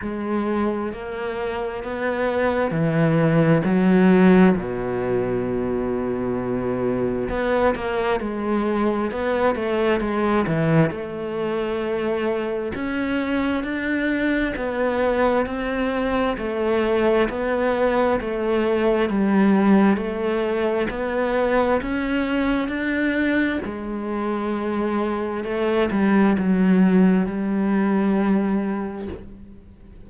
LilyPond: \new Staff \with { instrumentName = "cello" } { \time 4/4 \tempo 4 = 66 gis4 ais4 b4 e4 | fis4 b,2. | b8 ais8 gis4 b8 a8 gis8 e8 | a2 cis'4 d'4 |
b4 c'4 a4 b4 | a4 g4 a4 b4 | cis'4 d'4 gis2 | a8 g8 fis4 g2 | }